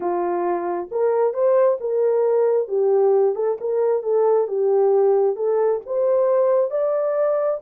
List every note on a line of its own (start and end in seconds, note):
0.00 0.88 F4
0.91 1.33 A#4
1.33 1.78 C5
1.80 2.68 A#4
2.68 3.35 G4
3.35 3.57 A4
3.60 4.02 A#4
4.02 4.47 A4
4.47 5.35 G4
5.35 5.80 A4
5.86 6.70 C5
6.70 7.60 D5